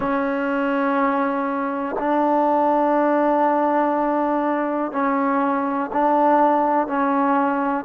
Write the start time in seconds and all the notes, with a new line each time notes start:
0.00 C#4
1.99 D4
4.92 C#4
5.92 D4
6.87 C#4